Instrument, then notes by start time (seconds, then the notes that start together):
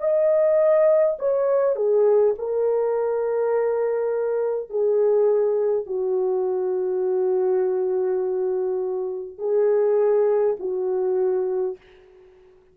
horn
0.00 D#5
1.19 C#5
1.76 G#4
2.39 A#4
4.71 G#4
5.87 F#4
9.39 G#4
10.60 F#4